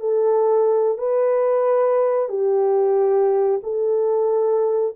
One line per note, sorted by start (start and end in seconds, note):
0.00 0.98 A4
0.98 2.29 B4
2.29 3.61 G4
3.63 4.95 A4